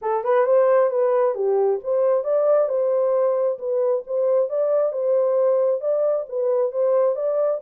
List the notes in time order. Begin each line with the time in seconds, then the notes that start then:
0.01 A4
0.24 B4
0.45 C5
0.90 B4
1.35 G4
1.83 C5
2.24 D5
2.68 C5
3.58 B4
4.06 C5
4.49 D5
4.92 C5
5.81 D5
6.28 B4
6.71 C5
7.15 D5